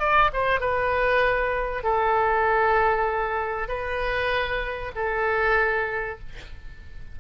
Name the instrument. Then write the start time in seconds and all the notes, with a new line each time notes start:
oboe
0.00 D5
0.33 C5
0.60 B4
1.84 A4
3.69 B4
4.96 A4